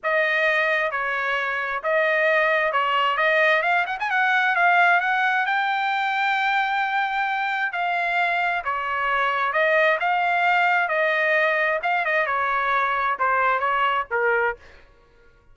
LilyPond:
\new Staff \with { instrumentName = "trumpet" } { \time 4/4 \tempo 4 = 132 dis''2 cis''2 | dis''2 cis''4 dis''4 | f''8 fis''16 gis''16 fis''4 f''4 fis''4 | g''1~ |
g''4 f''2 cis''4~ | cis''4 dis''4 f''2 | dis''2 f''8 dis''8 cis''4~ | cis''4 c''4 cis''4 ais'4 | }